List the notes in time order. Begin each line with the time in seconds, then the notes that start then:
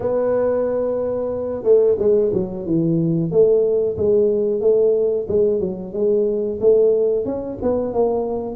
0.00 B3
1.63 A3
1.98 G#3
2.33 F#3
2.66 E3
3.31 A3
3.97 G#3
4.61 A3
5.28 G#3
5.60 F#3
5.93 G#3
6.60 A3
7.25 C#4
7.62 B3
7.93 A#3